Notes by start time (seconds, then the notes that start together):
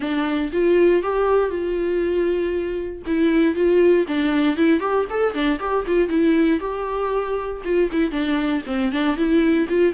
0.00 D4
0.52 F4
1.02 G4
1.49 F4
3.06 E4
3.55 F4
4.07 D4
4.56 E4
4.80 G4
5.10 A4
5.33 D4
5.59 G4
5.86 F4
6.09 E4
6.60 G4
7.64 F4
7.92 E4
8.11 D4
8.66 C4
8.91 D4
9.16 E4
9.68 F4